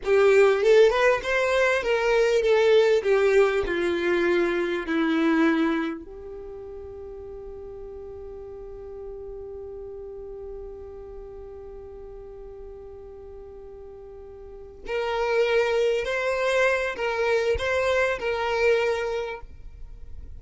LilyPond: \new Staff \with { instrumentName = "violin" } { \time 4/4 \tempo 4 = 99 g'4 a'8 b'8 c''4 ais'4 | a'4 g'4 f'2 | e'2 g'2~ | g'1~ |
g'1~ | g'1~ | g'8 ais'2 c''4. | ais'4 c''4 ais'2 | }